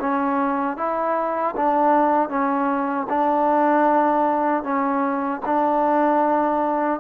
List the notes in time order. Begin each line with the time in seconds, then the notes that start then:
0.00 C#4
0.77 E4
1.56 D4
2.29 C#4
3.09 D4
4.63 C#4
5.45 D4